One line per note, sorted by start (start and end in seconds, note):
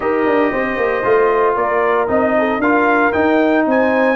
0.00 0.26 D#4
0.00 1.03 G4
0.00 0.52 A#4
0.00 1.55 D#5
0.26 0.52 D4
0.52 0.77 C4
0.52 1.56 C5
0.77 1.03 A#3
1.03 1.56 A3
1.03 2.07 F4
1.55 2.08 A#3
1.55 2.34 A#4
1.55 2.08 D5
2.07 2.57 C4
2.07 2.60 D#4
2.07 2.61 D#5
2.38 2.60 A4
2.57 3.10 D4
2.57 3.13 F4
2.57 3.65 A#4
2.57 3.12 F5
3.12 4.16 D#4
3.12 3.66 D#4
3.12 3.64 G5
3.66 4.16 C4
3.66 4.16 C5
3.66 4.16 G#5